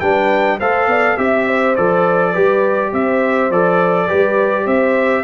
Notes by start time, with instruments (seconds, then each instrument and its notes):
0.00 tuba G3, trombone D4, horn B4, trumpet G5
0.60 tuba A3, trombone A4, horn C5, trumpet F5
0.87 tuba B3, horn D5
1.17 tuba C4, trombone G4, trumpet E5, horn E5
1.47 horn C5
1.76 tuba F3, trombone A4, trumpet D5
2.32 tuba G3, trombone G4, horn B4
2.93 tuba C4, horn C5, trumpet E5
3.50 tuba F3, trombone A4, trumpet D5
4.07 tuba G3, trombone G4, horn B4
4.66 tuba C4, horn C5, trumpet E5